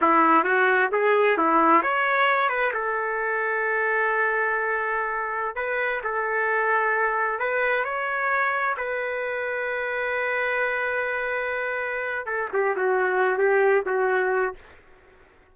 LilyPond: \new Staff \with { instrumentName = "trumpet" } { \time 4/4 \tempo 4 = 132 e'4 fis'4 gis'4 e'4 | cis''4. b'8 a'2~ | a'1~ | a'16 b'4 a'2~ a'8.~ |
a'16 b'4 cis''2 b'8.~ | b'1~ | b'2. a'8 g'8 | fis'4. g'4 fis'4. | }